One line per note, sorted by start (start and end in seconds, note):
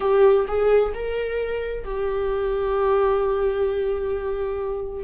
0.00 0.45 G4
0.47 0.93 G#4
0.94 1.84 A#4
1.84 5.04 G4